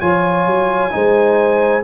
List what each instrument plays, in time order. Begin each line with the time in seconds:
0.00 tuba F3, trombone F4, horn C#5, trumpet G#5
0.47 tuba F#3
0.91 tuba G#3, trombone D#4, horn C5